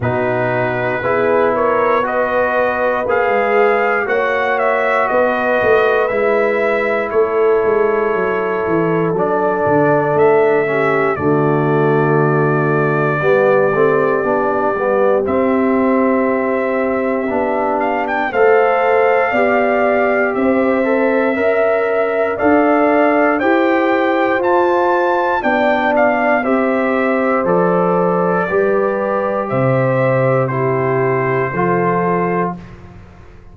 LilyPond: <<
  \new Staff \with { instrumentName = "trumpet" } { \time 4/4 \tempo 4 = 59 b'4. cis''8 dis''4 f''4 | fis''8 e''8 dis''4 e''4 cis''4~ | cis''4 d''4 e''4 d''4~ | d''2. e''4~ |
e''4. f''16 g''16 f''2 | e''2 f''4 g''4 | a''4 g''8 f''8 e''4 d''4~ | d''4 e''4 c''2 | }
  \new Staff \with { instrumentName = "horn" } { \time 4/4 fis'4 gis'8 ais'8 b'2 | cis''4 b'2 a'4~ | a'2~ a'8 g'8 fis'4~ | fis'4 g'2.~ |
g'2 c''4 d''4 | c''4 e''4 d''4 c''4~ | c''4 d''4 c''2 | b'4 c''4 g'4 a'4 | }
  \new Staff \with { instrumentName = "trombone" } { \time 4/4 dis'4 e'4 fis'4 gis'4 | fis'2 e'2~ | e'4 d'4. cis'8 a4~ | a4 b8 c'8 d'8 b8 c'4~ |
c'4 d'4 a'4 g'4~ | g'8 a'8 ais'4 a'4 g'4 | f'4 d'4 g'4 a'4 | g'2 e'4 f'4 | }
  \new Staff \with { instrumentName = "tuba" } { \time 4/4 b,4 b2 ais16 gis8. | ais4 b8 a8 gis4 a8 gis8 | fis8 e8 fis8 d8 a4 d4~ | d4 g8 a8 b8 g8 c'4~ |
c'4 b4 a4 b4 | c'4 cis'4 d'4 e'4 | f'4 b4 c'4 f4 | g4 c2 f4 | }
>>